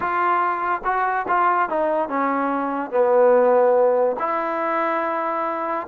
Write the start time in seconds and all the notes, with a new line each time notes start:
0.00 F4
0.84 F#4
1.28 F4
1.69 D#4
2.09 C#4
2.90 B3
4.19 E4